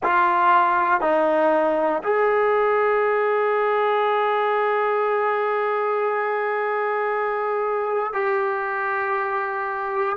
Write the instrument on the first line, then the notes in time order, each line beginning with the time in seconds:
trombone
0.03 F4
1.00 D#4
2.03 G#4
8.13 G4